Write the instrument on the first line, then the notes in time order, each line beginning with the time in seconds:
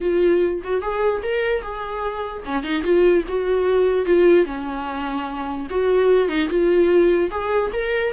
viola
0.01 F4
0.63 F#4
0.81 G#4
1.23 A#4
1.62 G#4
2.45 C#4
2.63 D#4
2.83 F4
3.28 F#4
4.05 F4
4.45 C#4
5.70 F#4
6.28 D#4
6.49 F4
7.30 G#4
7.72 A#4